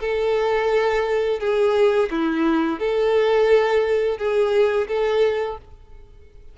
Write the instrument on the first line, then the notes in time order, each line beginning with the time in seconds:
violin
0.00 A4
1.39 G#4
2.10 E4
2.79 A4
4.17 G#4
4.87 A4